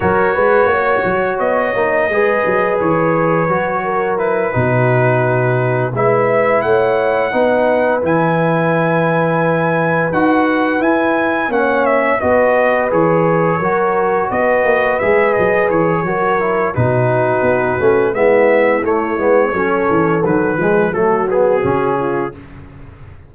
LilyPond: <<
  \new Staff \with { instrumentName = "trumpet" } { \time 4/4 \tempo 4 = 86 cis''2 dis''2 | cis''2 b'2~ | b'8 e''4 fis''2 gis''8~ | gis''2~ gis''8 fis''4 gis''8~ |
gis''8 fis''8 e''8 dis''4 cis''4.~ | cis''8 dis''4 e''8 dis''8 cis''4. | b'2 e''4 cis''4~ | cis''4 b'4 a'8 gis'4. | }
  \new Staff \with { instrumentName = "horn" } { \time 4/4 ais'8 b'8 cis''2 b'4~ | b'4. ais'4 fis'4.~ | fis'8 b'4 cis''4 b'4.~ | b'1~ |
b'8 cis''4 b'2 ais'8~ | ais'8 b'2~ b'8 ais'4 | fis'2 e'2 | a'4. gis'8 fis'4. f'8 | }
  \new Staff \with { instrumentName = "trombone" } { \time 4/4 fis'2~ fis'8 dis'8 gis'4~ | gis'4 fis'4 e'8 dis'4.~ | dis'8 e'2 dis'4 e'8~ | e'2~ e'8 fis'4 e'8~ |
e'8 cis'4 fis'4 gis'4 fis'8~ | fis'4. gis'4. fis'8 e'8 | dis'4. cis'8 b4 a8 b8 | cis'4 fis8 gis8 a8 b8 cis'4 | }
  \new Staff \with { instrumentName = "tuba" } { \time 4/4 fis8 gis8 ais8 fis8 b8 ais8 gis8 fis8 | e4 fis4. b,4.~ | b,8 gis4 a4 b4 e8~ | e2~ e8 dis'4 e'8~ |
e'8 ais4 b4 e4 fis8~ | fis8 b8 ais8 gis8 fis8 e8 fis4 | b,4 b8 a8 gis4 a8 gis8 | fis8 e8 dis8 f8 fis4 cis4 | }
>>